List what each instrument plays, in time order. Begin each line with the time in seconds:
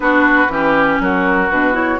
0.00 bassoon B3, clarinet D4, oboe F#4, flute B4
0.48 bassoon E3, clarinet C#4, oboe G4
0.99 bassoon F#3, oboe F#4, flute A#4
1.50 bassoon B2, clarinet D4, flute B4
1.72 clarinet E4, flute C#5